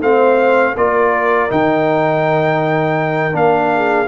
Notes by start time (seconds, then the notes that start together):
0.00 A3 C4 C5 F5
0.76 A#3 F4 A#4 D5
1.49 D#3 D#4 G5
3.32 A#3 D4 F5
3.75 G#4